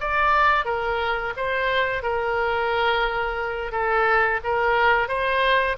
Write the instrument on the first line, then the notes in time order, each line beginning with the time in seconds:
oboe
0.00 D5
0.65 A#4
1.36 C5
2.02 A#4
3.72 A4
4.43 A#4
5.08 C5